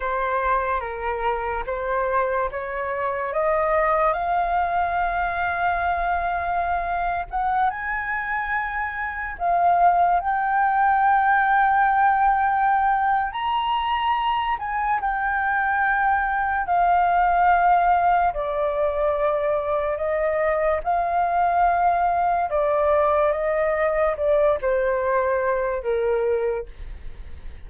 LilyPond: \new Staff \with { instrumentName = "flute" } { \time 4/4 \tempo 4 = 72 c''4 ais'4 c''4 cis''4 | dis''4 f''2.~ | f''8. fis''8 gis''2 f''8.~ | f''16 g''2.~ g''8. |
ais''4. gis''8 g''2 | f''2 d''2 | dis''4 f''2 d''4 | dis''4 d''8 c''4. ais'4 | }